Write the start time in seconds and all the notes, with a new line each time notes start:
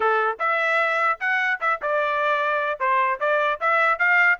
0.00 A4
0.39 E5
1.19 F#5
1.60 E5
1.82 D5
2.79 C5
3.20 D5
3.60 E5
3.98 F5